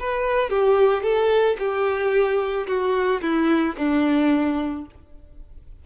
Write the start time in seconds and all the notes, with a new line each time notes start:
0.00 B4
0.50 G4
1.03 A4
1.59 G4
2.67 F#4
3.22 E4
3.78 D4